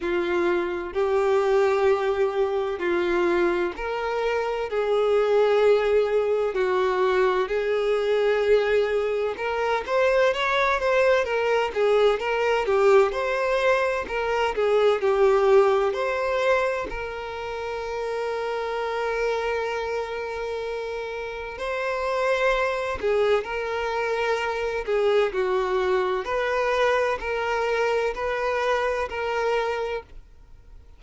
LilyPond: \new Staff \with { instrumentName = "violin" } { \time 4/4 \tempo 4 = 64 f'4 g'2 f'4 | ais'4 gis'2 fis'4 | gis'2 ais'8 c''8 cis''8 c''8 | ais'8 gis'8 ais'8 g'8 c''4 ais'8 gis'8 |
g'4 c''4 ais'2~ | ais'2. c''4~ | c''8 gis'8 ais'4. gis'8 fis'4 | b'4 ais'4 b'4 ais'4 | }